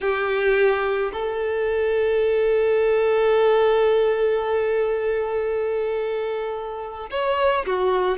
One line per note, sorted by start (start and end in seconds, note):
0.00 1.11 G4
1.12 7.10 A4
7.10 7.65 C#5
7.66 8.17 F#4